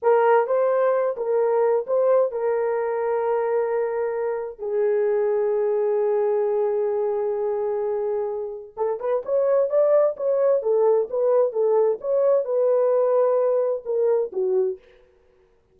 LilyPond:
\new Staff \with { instrumentName = "horn" } { \time 4/4 \tempo 4 = 130 ais'4 c''4. ais'4. | c''4 ais'2.~ | ais'2 gis'2~ | gis'1~ |
gis'2. a'8 b'8 | cis''4 d''4 cis''4 a'4 | b'4 a'4 cis''4 b'4~ | b'2 ais'4 fis'4 | }